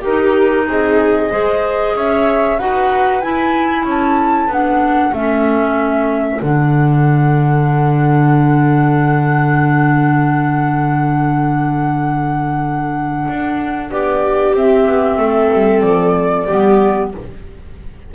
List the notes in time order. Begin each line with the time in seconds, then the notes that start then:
0.00 D#4 G4 A#4
0.07 D#4
0.66 C4 G#4 D#5
1.30 G#3 G#4 C5
1.95 C#4 C#5 E5
2.58 D#4 F#4 B4 F#5
3.21 E4 G#5
3.84 C#4 A4 A5
4.47 B3 D4 F#5
5.12 A3 C#4 E5
6.41 D3 D4 F#5
13.28 D4
13.90 B3 G4 D5
14.53 C4 E5
14.86 B3
15.17 A3 A4
15.53 G3
15.81 F3 D5
16.45 G3 B3 G4